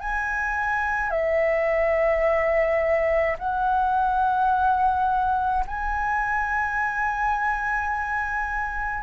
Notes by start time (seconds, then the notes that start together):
0.00 G#5
1.10 E5
3.39 F#5
5.67 G#5